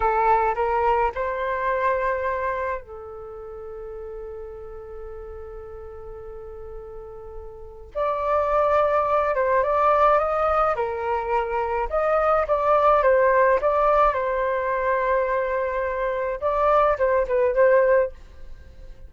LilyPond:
\new Staff \with { instrumentName = "flute" } { \time 4/4 \tempo 4 = 106 a'4 ais'4 c''2~ | c''4 a'2.~ | a'1~ | a'2 d''2~ |
d''8 c''8 d''4 dis''4 ais'4~ | ais'4 dis''4 d''4 c''4 | d''4 c''2.~ | c''4 d''4 c''8 b'8 c''4 | }